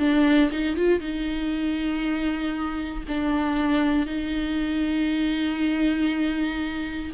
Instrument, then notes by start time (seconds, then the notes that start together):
viola
0.00 D4
0.52 D#4
0.77 F4
1.00 D#4
3.08 D4
4.07 D#4